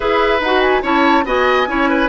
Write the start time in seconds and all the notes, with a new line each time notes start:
0.00 E4 G#4 B4 E5
0.40 D#4 F#4 F#5
0.61 G#5
0.82 C#4 E4 C#5 A5
1.24 B3 F#4 D#5 G#5
1.67 C#4 E4 C#5
1.89 B4